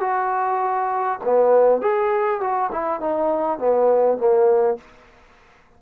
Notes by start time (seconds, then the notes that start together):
0.00 F#4
1.24 B3
1.81 G#4
2.40 F#4
2.72 E4
3.00 D#4
3.58 B3
4.18 A#3